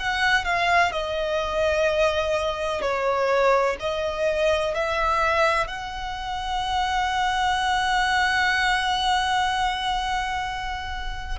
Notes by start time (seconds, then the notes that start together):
0.00 F#5
0.45 F5
0.92 D#5
2.82 C#5
3.81 D#5
4.75 E5
5.68 F#5